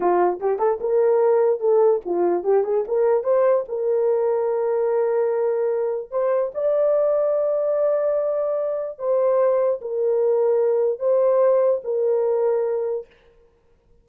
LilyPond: \new Staff \with { instrumentName = "horn" } { \time 4/4 \tempo 4 = 147 f'4 g'8 a'8 ais'2 | a'4 f'4 g'8 gis'8 ais'4 | c''4 ais'2.~ | ais'2. c''4 |
d''1~ | d''2 c''2 | ais'2. c''4~ | c''4 ais'2. | }